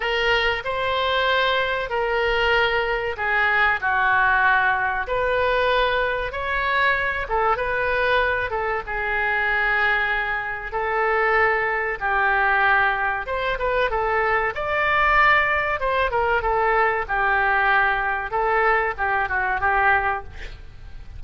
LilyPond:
\new Staff \with { instrumentName = "oboe" } { \time 4/4 \tempo 4 = 95 ais'4 c''2 ais'4~ | ais'4 gis'4 fis'2 | b'2 cis''4. a'8 | b'4. a'8 gis'2~ |
gis'4 a'2 g'4~ | g'4 c''8 b'8 a'4 d''4~ | d''4 c''8 ais'8 a'4 g'4~ | g'4 a'4 g'8 fis'8 g'4 | }